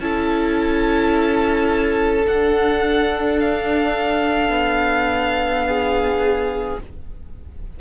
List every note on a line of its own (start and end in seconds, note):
0.00 2.27 C#4
0.00 2.24 E4
0.00 5.67 A4
0.00 2.26 A5
2.24 6.77 D4
2.24 4.49 D4
2.24 3.40 F#5
3.40 6.79 F5
4.49 6.76 B3
5.67 6.81 G#4